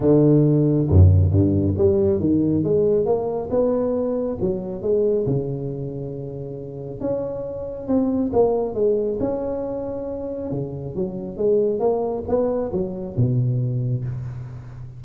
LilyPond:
\new Staff \with { instrumentName = "tuba" } { \time 4/4 \tempo 4 = 137 d2 fis,4 g,4 | g4 dis4 gis4 ais4 | b2 fis4 gis4 | cis1 |
cis'2 c'4 ais4 | gis4 cis'2. | cis4 fis4 gis4 ais4 | b4 fis4 b,2 | }